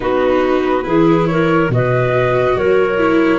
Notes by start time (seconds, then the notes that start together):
0.00 B3 D#4 F#4 B4
0.83 E3 E4 G#4
1.26 A#4 C#5
1.69 B2 F#4 B4 D#5
2.56 F#3 A#4 C#5
2.98 E4